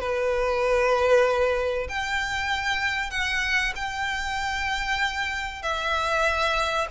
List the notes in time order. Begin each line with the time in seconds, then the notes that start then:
0.00 B4
1.89 G5
3.11 F#5
3.76 G5
5.62 E5